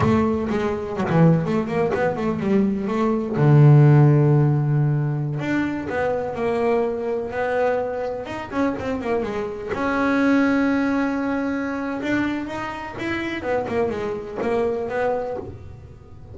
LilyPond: \new Staff \with { instrumentName = "double bass" } { \time 4/4 \tempo 4 = 125 a4 gis4 fis16 e8. a8 ais8 | b8 a8 g4 a4 d4~ | d2.~ d16 d'8.~ | d'16 b4 ais2 b8.~ |
b4~ b16 dis'8 cis'8 c'8 ais8 gis8.~ | gis16 cis'2.~ cis'8.~ | cis'4 d'4 dis'4 e'4 | b8 ais8 gis4 ais4 b4 | }